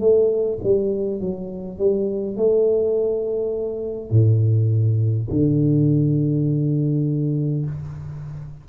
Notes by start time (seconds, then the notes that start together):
0.00 A3
0.64 G3
1.21 F#3
1.78 G3
2.37 A3
4.11 A2
5.30 D3